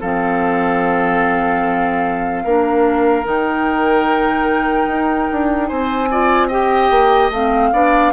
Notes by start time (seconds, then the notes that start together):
0.00 F3 C4 A4 F5
2.44 A#3 D4 A#4
3.24 D#3 D#4 G5
4.87 D#4
5.32 D4
5.68 C4 C5 G#5
6.11 F4 D5
6.48 G4 D#5 G5
6.90 A#3
7.30 A3 C4 F5
7.73 B3 D4 D5